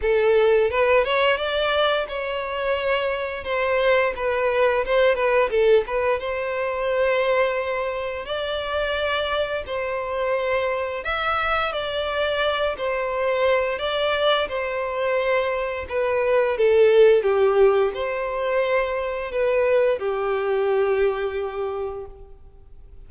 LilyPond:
\new Staff \with { instrumentName = "violin" } { \time 4/4 \tempo 4 = 87 a'4 b'8 cis''8 d''4 cis''4~ | cis''4 c''4 b'4 c''8 b'8 | a'8 b'8 c''2. | d''2 c''2 |
e''4 d''4. c''4. | d''4 c''2 b'4 | a'4 g'4 c''2 | b'4 g'2. | }